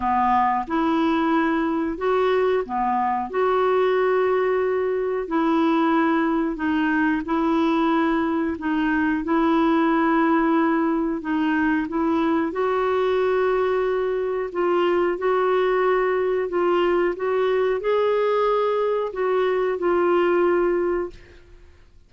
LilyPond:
\new Staff \with { instrumentName = "clarinet" } { \time 4/4 \tempo 4 = 91 b4 e'2 fis'4 | b4 fis'2. | e'2 dis'4 e'4~ | e'4 dis'4 e'2~ |
e'4 dis'4 e'4 fis'4~ | fis'2 f'4 fis'4~ | fis'4 f'4 fis'4 gis'4~ | gis'4 fis'4 f'2 | }